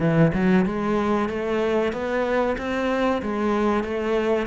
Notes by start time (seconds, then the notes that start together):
0.00 E3
0.34 F#3
0.66 G#3
1.29 A3
1.93 B3
2.58 C4
3.22 G#3
3.84 A3